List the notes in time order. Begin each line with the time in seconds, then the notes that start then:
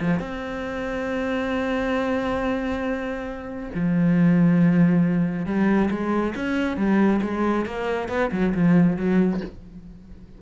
0.00 F3
0.19 C4
3.74 F3
5.45 G3
5.90 G#3
6.35 C#4
6.77 G3
7.21 G#3
7.65 A#3
8.08 B3
8.32 F#3
8.54 F3
8.96 F#3